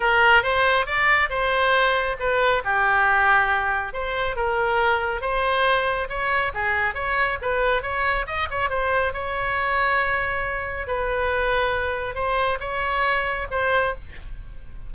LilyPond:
\new Staff \with { instrumentName = "oboe" } { \time 4/4 \tempo 4 = 138 ais'4 c''4 d''4 c''4~ | c''4 b'4 g'2~ | g'4 c''4 ais'2 | c''2 cis''4 gis'4 |
cis''4 b'4 cis''4 dis''8 cis''8 | c''4 cis''2.~ | cis''4 b'2. | c''4 cis''2 c''4 | }